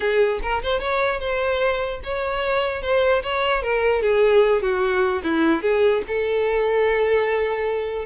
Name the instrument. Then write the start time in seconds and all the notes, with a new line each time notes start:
violin
0.00 G#4
0.42 A#4
0.62 C5
0.79 C#5
1.20 C5
2.03 C#5
2.82 C5
3.23 C#5
3.62 A#4
4.02 G#4
4.62 F#4
5.23 E4
5.62 G#4
6.07 A4